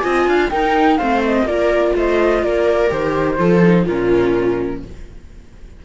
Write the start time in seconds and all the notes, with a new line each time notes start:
0.00 C4 F4 D#5 G#5
0.27 D4 F5
0.50 D#4 A#4 G5
0.97 A3 C4 C5 F5
1.25 D#5
1.43 A#3 F4 A#4 D5
1.96 A3 C5 D#5
2.43 A#3 A#4 D5
2.88 D#3 G4 C5
3.38 F3 F4 A4
3.63 D#4
3.85 A#2 C#4 F4 A#4